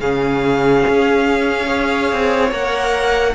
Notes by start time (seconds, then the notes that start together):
0.00 C#3 C#4 G#4 F5
0.88 C#4
1.66 G#4 C#5
2.12 C4
2.51 A#3 A#4 F#5